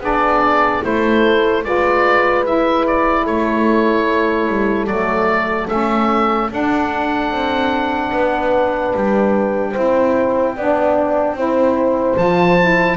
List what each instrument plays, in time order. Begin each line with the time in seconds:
0.00 double bass B3, saxophone D4, horn G#4, oboe D5
0.82 double bass A3, saxophone E4, horn A4, oboe C5
1.64 double bass G#3, saxophone F4, horn B4, oboe D5
2.44 saxophone E4, oboe E5
2.87 oboe D5
3.23 double bass A3, horn A4, oboe C#5
4.48 double bass G3
4.87 double bass F#3, saxophone A3, oboe D5
5.68 double bass A3, saxophone C#4, oboe E5
6.50 saxophone D4, double bass D4, oboe F#5
7.31 double bass C4
8.12 double bass B3, horn B4
8.95 double bass G3, oboe G5
9.71 double bass C4, saxophone E4, horn C5
10.57 double bass B3, saxophone D4, horn D5
11.34 double bass C4, saxophone E4, horn C5
12.17 double bass F3, saxophone F4, oboe A5
12.60 saxophone E4